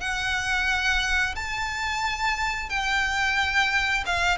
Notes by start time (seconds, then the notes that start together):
0.00 F#5
1.35 A5
2.69 G5
4.05 F5